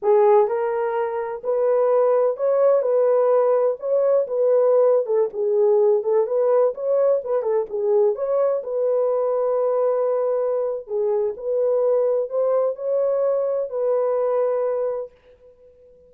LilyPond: \new Staff \with { instrumentName = "horn" } { \time 4/4 \tempo 4 = 127 gis'4 ais'2 b'4~ | b'4 cis''4 b'2 | cis''4 b'4.~ b'16 a'8 gis'8.~ | gis'8. a'8 b'4 cis''4 b'8 a'16~ |
a'16 gis'4 cis''4 b'4.~ b'16~ | b'2. gis'4 | b'2 c''4 cis''4~ | cis''4 b'2. | }